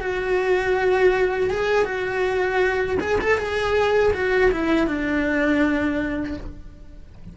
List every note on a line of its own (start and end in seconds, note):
0.00 1.50 F#4
1.50 1.85 G#4
1.85 2.97 F#4
3.00 3.18 G#4
3.20 3.38 A4
3.38 4.12 G#4
4.13 4.51 F#4
4.51 4.87 E4
4.87 6.37 D4